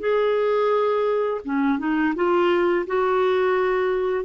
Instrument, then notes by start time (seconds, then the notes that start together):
clarinet
0.00 G#4
1.45 C#4
1.79 D#4
2.16 F4
2.87 F#4